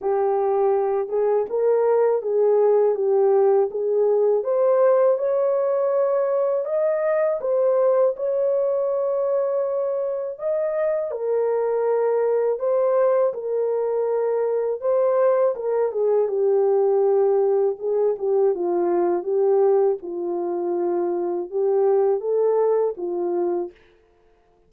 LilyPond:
\new Staff \with { instrumentName = "horn" } { \time 4/4 \tempo 4 = 81 g'4. gis'8 ais'4 gis'4 | g'4 gis'4 c''4 cis''4~ | cis''4 dis''4 c''4 cis''4~ | cis''2 dis''4 ais'4~ |
ais'4 c''4 ais'2 | c''4 ais'8 gis'8 g'2 | gis'8 g'8 f'4 g'4 f'4~ | f'4 g'4 a'4 f'4 | }